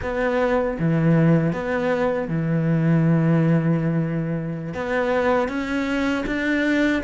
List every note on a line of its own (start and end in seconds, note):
0.01 0.77 B3
0.79 1.52 E3
1.52 2.28 B3
2.28 4.74 E3
4.74 5.48 B3
5.48 6.24 C#4
6.26 7.02 D4